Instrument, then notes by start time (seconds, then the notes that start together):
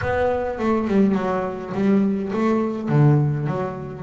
double bass
0.01 B3
0.58 A3
0.87 G3
1.15 F#3
1.74 G3
2.32 A3
2.88 D3
3.46 F#3